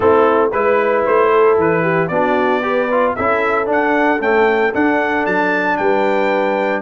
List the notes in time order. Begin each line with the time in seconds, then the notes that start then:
0.00 A3 C4 E4 A4
0.52 G#3 E4 B4
1.06 A3 C5
1.30 A4
1.57 E3 B4
1.82 G4
2.07 B3 D4 F#4 D5
2.62 G4 B4
2.91 F4
3.15 C#4 E4 A4 E5
3.65 D4 F#5
4.19 A3 C#4 G5
4.74 D4 F#5
5.25 F#3 A5
5.77 G3 B4 G5